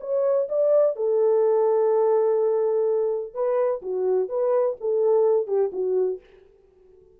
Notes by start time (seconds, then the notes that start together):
0.00 C#5
0.48 D5
0.96 A4
3.34 B4
3.82 F#4
4.28 B4
4.80 A4
5.47 G4
5.72 F#4